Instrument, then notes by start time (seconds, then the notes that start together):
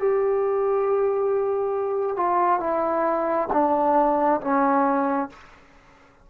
trombone
0.00 G4
2.17 F4
2.60 E4
3.53 D4
4.42 C#4